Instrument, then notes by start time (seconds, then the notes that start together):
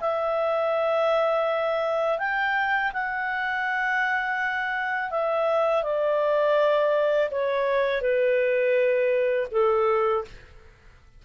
clarinet
0.00 E5
2.19 G5
2.93 F#5
5.11 E5
5.83 D5
7.31 C#5
8.01 B4
9.51 A4